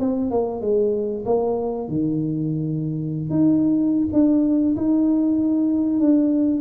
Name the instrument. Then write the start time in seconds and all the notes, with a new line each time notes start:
tuba
0.00 C4
0.31 A#3
0.61 G#3
1.25 A#3
1.88 D#3
3.30 D#4
4.13 D4
4.76 D#4
6.00 D4